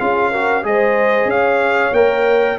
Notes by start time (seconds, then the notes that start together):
0.00 C#4 F4 G#4 F5
0.31 F#4 A#4
0.63 G#3 G#4 C5 D#5
1.25 C#4 C#5 F5
1.92 A#3 A#4 G5